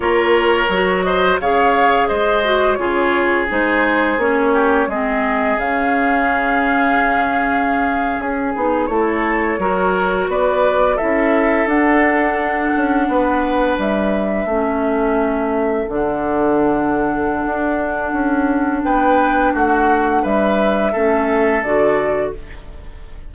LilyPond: <<
  \new Staff \with { instrumentName = "flute" } { \time 4/4 \tempo 4 = 86 cis''4. dis''8 f''4 dis''4 | cis''4 c''4 cis''4 dis''4 | f''2.~ f''8. gis'16~ | gis'8. cis''2 d''4 e''16~ |
e''8. fis''2. e''16~ | e''2~ e''8. fis''4~ fis''16~ | fis''2. g''4 | fis''4 e''2 d''4 | }
  \new Staff \with { instrumentName = "oboe" } { \time 4/4 ais'4. c''8 cis''4 c''4 | gis'2~ gis'8 g'8 gis'4~ | gis'1~ | gis'8. a'4 ais'4 b'4 a'16~ |
a'2~ a'8. b'4~ b'16~ | b'8. a'2.~ a'16~ | a'2. b'4 | fis'4 b'4 a'2 | }
  \new Staff \with { instrumentName = "clarinet" } { \time 4/4 f'4 fis'4 gis'4. fis'8 | f'4 dis'4 cis'4 c'4 | cis'1~ | cis'16 dis'8 e'4 fis'2 e'16~ |
e'8. d'2.~ d'16~ | d'8. cis'2 d'4~ d'16~ | d'1~ | d'2 cis'4 fis'4 | }
  \new Staff \with { instrumentName = "bassoon" } { \time 4/4 ais4 fis4 cis4 gis4 | cis4 gis4 ais4 gis4 | cis2.~ cis8. cis'16~ | cis'16 b8 a4 fis4 b4 cis'16~ |
cis'8. d'4. cis'8 b4 g16~ | g8. a2 d4~ d16~ | d4 d'4 cis'4 b4 | a4 g4 a4 d4 | }
>>